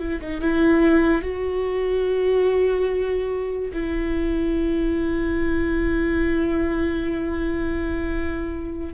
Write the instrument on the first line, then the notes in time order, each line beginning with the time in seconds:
viola
0.00 E4
0.22 D#4
0.41 E4
1.22 F#4
3.73 E4